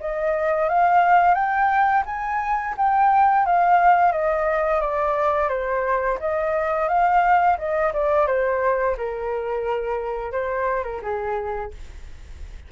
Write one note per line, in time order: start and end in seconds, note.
0.00 0.69 D#5
0.69 1.34 F5
1.34 2.03 G5
2.06 2.75 G#5
2.77 3.46 G5
3.46 4.12 F5
4.12 4.81 D#5
4.81 5.49 D5
5.49 6.18 C5
6.20 6.88 D#5
6.88 7.57 F5
7.58 7.92 D#5
7.93 8.27 D5
8.27 8.96 C5
8.97 10.32 A#4
10.32 10.83 C5
10.83 11.01 A#4
11.02 11.71 G#4